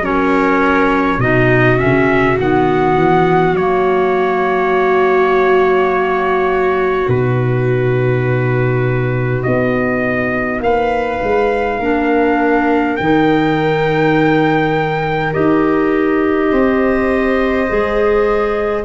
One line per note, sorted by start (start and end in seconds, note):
0.00 1.18 F#3
0.00 1.20 C#4
0.00 1.21 A#4
0.00 1.20 C#5
1.18 1.77 B2
1.18 1.77 D#4
1.18 10.62 F#4
1.18 1.78 D#5
1.77 2.36 C#4
1.77 2.37 E5
1.83 2.38 C#3
2.38 2.95 D#3
2.38 3.58 B3
2.38 3.56 F#5
2.95 3.53 E3
3.53 7.06 F#3
3.53 7.10 A#3
3.53 7.09 C#5
7.08 9.44 B2
7.08 11.80 D#4
7.08 9.43 B4
9.43 10.60 B3
9.43 10.61 D#5
10.60 11.19 A#3
10.60 11.80 B4
10.60 12.97 F5
11.22 11.79 G#3
11.79 12.96 A#3
11.79 12.99 D4
11.79 16.51 A#4
12.97 15.35 D#3
12.97 15.33 D#4
12.97 15.32 G5
15.33 16.51 D#4
15.33 17.68 G4
15.33 18.85 D#5
16.51 17.69 C4
16.51 18.85 C5
17.68 18.85 G#3
17.68 18.85 G#4